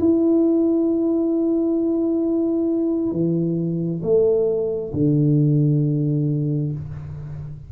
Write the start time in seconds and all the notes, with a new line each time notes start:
0.00 E4
3.12 E3
4.03 A3
4.93 D3